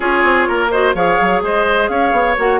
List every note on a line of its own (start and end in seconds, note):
0.00 0.23 C#4
0.00 0.69 F4
0.00 0.48 G#4
0.00 0.69 C#5
0.23 0.47 C4
0.48 0.94 A#3
0.48 0.71 A#4
0.70 0.95 F#4
0.70 0.95 C5
0.70 0.94 D#5
0.94 1.18 F3
0.94 2.37 G#4
0.94 1.42 C#5
0.94 1.42 F5
1.20 1.42 F#3
1.42 1.89 G#3
1.42 1.90 C5
1.42 1.88 D#5
1.88 2.12 C#4
1.88 2.60 C#5
1.88 2.36 F5
2.12 2.36 B3
2.37 2.60 A#3
2.37 2.60 F#4
2.37 2.60 F#5